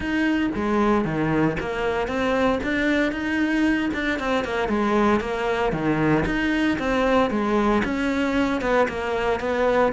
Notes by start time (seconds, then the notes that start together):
0.00 D#4
0.55 G#3
1.04 D#3
1.59 A#3
2.07 C4
2.63 D4
3.11 D#4
3.93 D4
4.19 C4
4.44 A#3
4.68 G#3
5.20 A#3
5.72 D#3
6.25 D#4
6.78 C4
7.30 G#3
7.84 C#4
8.61 B3
8.88 A#3
9.40 B3